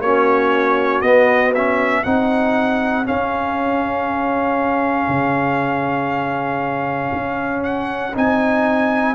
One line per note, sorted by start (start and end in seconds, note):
0.00 1.02 A#3
0.00 1.04 C#4
0.00 2.03 F#4
0.00 1.02 C#5
1.02 2.03 B3
1.02 1.54 B3
1.02 1.53 D#5
1.55 2.05 C#4
1.55 2.04 E5
2.03 3.07 C4
2.03 3.05 D#4
2.03 9.15 G#4
2.03 3.06 F#5
3.05 8.13 C#4
3.05 5.08 C#4
3.05 7.64 F5
5.08 7.12 C#3
7.13 8.15 C#4
7.64 8.15 F#5
8.14 9.15 C4
8.14 9.15 D#4
8.14 9.15 G#5